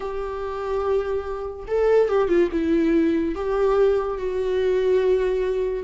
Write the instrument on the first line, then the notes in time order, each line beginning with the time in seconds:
viola
0.00 G4
1.67 A4
2.09 G4
2.28 F4
2.51 E4
3.35 G4
4.17 F#4